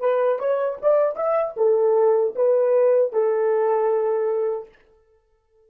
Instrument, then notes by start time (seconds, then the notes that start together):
horn
0.00 B4
0.39 C#5
0.82 D5
1.16 E5
1.57 A4
2.35 B4
3.13 A4